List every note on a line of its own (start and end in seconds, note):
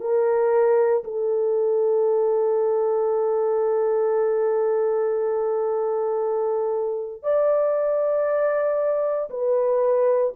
0.00 1.03 A#4
1.03 7.22 A4
7.22 9.29 D5
9.30 10.34 B4